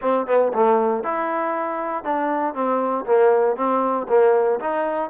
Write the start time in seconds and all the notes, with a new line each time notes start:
0.01 C4
0.27 B3
0.53 A3
1.03 E4
2.04 D4
2.54 C4
3.05 A#3
3.56 C4
4.08 A#3
4.59 D#4